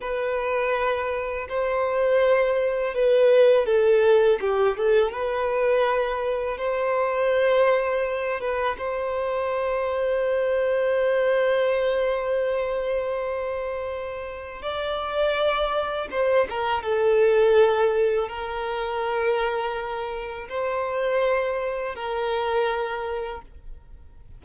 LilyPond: \new Staff \with { instrumentName = "violin" } { \time 4/4 \tempo 4 = 82 b'2 c''2 | b'4 a'4 g'8 a'8 b'4~ | b'4 c''2~ c''8 b'8 | c''1~ |
c''1 | d''2 c''8 ais'8 a'4~ | a'4 ais'2. | c''2 ais'2 | }